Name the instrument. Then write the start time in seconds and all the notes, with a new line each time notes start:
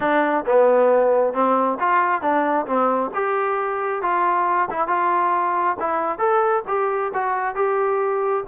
trombone
0.00 D4
0.45 B3
1.33 C4
1.79 F4
2.21 D4
2.66 C4
3.14 G4
4.02 F4
4.70 E4
4.87 F4
5.79 E4
6.18 A4
6.67 G4
7.14 F#4
7.55 G4